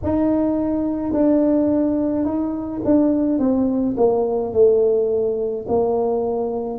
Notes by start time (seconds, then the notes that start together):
0.03 D#4
1.13 D4
2.25 D#4
2.84 D4
3.39 C4
3.96 A#3
4.52 A3
5.68 A#3